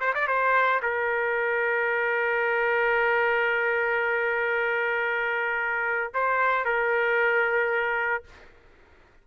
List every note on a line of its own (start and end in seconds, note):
0.00 0.13 C5
0.14 0.27 D5
0.27 0.80 C5
0.82 6.13 A#4
6.14 6.65 C5
6.65 8.24 A#4